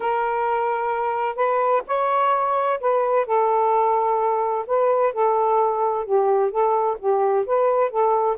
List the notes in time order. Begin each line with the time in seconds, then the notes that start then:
0.00 A#4
1.35 B4
1.87 C#5
2.80 B4
3.26 A4
4.66 B4
5.13 A4
6.05 G4
6.50 A4
6.99 G4
7.46 B4
7.90 A4